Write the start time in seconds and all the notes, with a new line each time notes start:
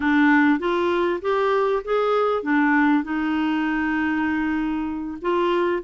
0.00 D4
0.59 F4
1.21 G4
1.84 G#4
2.42 D4
3.03 D#4
5.21 F4